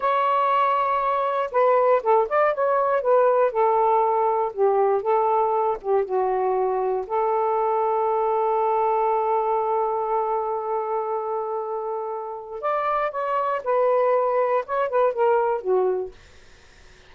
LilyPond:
\new Staff \with { instrumentName = "saxophone" } { \time 4/4 \tempo 4 = 119 cis''2. b'4 | a'8 d''8 cis''4 b'4 a'4~ | a'4 g'4 a'4. g'8 | fis'2 a'2~ |
a'1~ | a'1~ | a'4 d''4 cis''4 b'4~ | b'4 cis''8 b'8 ais'4 fis'4 | }